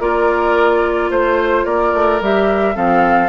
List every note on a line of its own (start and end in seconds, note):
0.00 1.10 A#3
0.00 2.21 F4
0.00 1.10 A#4
0.00 1.10 D5
1.10 1.65 A3
1.10 1.65 C5
1.65 1.92 A#3
1.65 2.75 A#4
1.65 2.21 D5
1.94 2.21 A3
2.21 2.76 G3
2.21 2.74 G4
2.21 2.76 E5
2.74 3.29 F3
2.74 3.29 C4
2.74 3.29 A4
2.74 3.29 F5